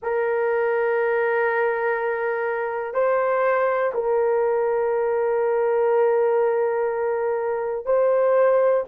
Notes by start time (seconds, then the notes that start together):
0.02 A#4
2.94 C5
3.93 A#4
7.85 C5